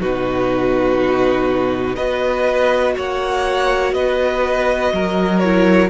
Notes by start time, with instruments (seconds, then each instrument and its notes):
0.00 cello B2, viola D#4, violin F#4 B4
1.95 cello B3, viola F#4, violin B4 D#5
2.96 cello A#3, violin C#5 F#5
3.93 cello B3, violin B4 D#5
4.92 cello F#3, violin A#4
5.39 viola E4, violin C#5